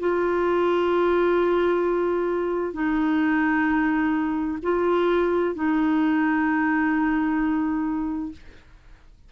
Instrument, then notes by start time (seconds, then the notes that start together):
clarinet
0.00 F4
2.74 D#4
4.63 F4
5.55 D#4